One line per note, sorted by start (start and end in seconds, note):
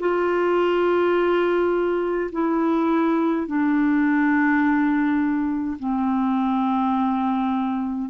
0.00 2.31 F4
2.32 3.47 E4
3.47 5.78 D4
5.80 8.10 C4